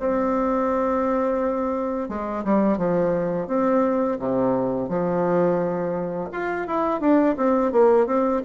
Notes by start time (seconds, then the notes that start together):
0.00 C4
2.09 G#3
2.45 G3
2.78 F3
3.47 C4
4.19 C3
4.89 F3
6.32 F4
6.68 E4
7.00 D4
7.37 C4
7.72 A#3
8.07 C4